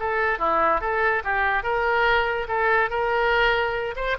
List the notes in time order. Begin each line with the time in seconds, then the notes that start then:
0.00 A4
0.39 E4
0.81 A4
1.24 G4
1.64 A#4
2.49 A4
2.90 A#4
3.96 C5